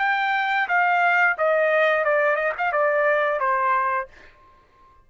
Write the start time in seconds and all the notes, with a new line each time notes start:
0.00 G5
0.69 F5
1.38 D#5
2.05 D5
2.36 D#5
2.58 F5
2.72 D5
3.40 C5